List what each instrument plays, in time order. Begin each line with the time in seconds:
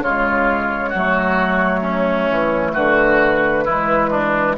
0.00 bassoon C#3, clarinet G#3, oboe F4, flute C#5
0.89 bassoon F#3, oboe F#4
0.96 clarinet A3
1.81 oboe C#4
2.30 bassoon E3
2.73 bassoon D3, oboe F#4, flute B4
3.65 bassoon E3, clarinet G#3, oboe E4
4.11 oboe D4